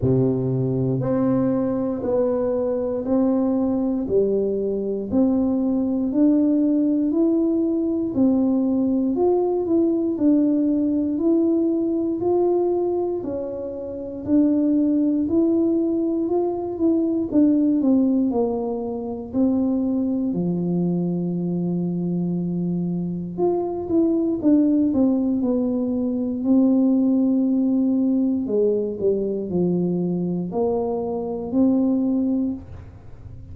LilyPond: \new Staff \with { instrumentName = "tuba" } { \time 4/4 \tempo 4 = 59 c4 c'4 b4 c'4 | g4 c'4 d'4 e'4 | c'4 f'8 e'8 d'4 e'4 | f'4 cis'4 d'4 e'4 |
f'8 e'8 d'8 c'8 ais4 c'4 | f2. f'8 e'8 | d'8 c'8 b4 c'2 | gis8 g8 f4 ais4 c'4 | }